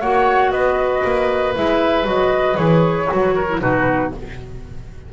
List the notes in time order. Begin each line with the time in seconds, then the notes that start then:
0.00 A#3 F#4 C#5 F#5
0.51 B3 B4 D#5
1.04 A#3
1.55 G#3 E4 E5
2.04 F#3 F#4 D#5
2.55 E3 G#4 C#5
3.07 F#3 F#4
3.35 A#4
3.49 E4
3.60 B2 D#4 F#4 B4